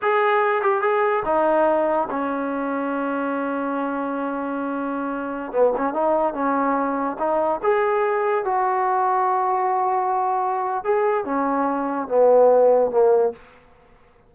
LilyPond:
\new Staff \with { instrumentName = "trombone" } { \time 4/4 \tempo 4 = 144 gis'4. g'8 gis'4 dis'4~ | dis'4 cis'2.~ | cis'1~ | cis'4~ cis'16 b8 cis'8 dis'4 cis'8.~ |
cis'4~ cis'16 dis'4 gis'4.~ gis'16~ | gis'16 fis'2.~ fis'8.~ | fis'2 gis'4 cis'4~ | cis'4 b2 ais4 | }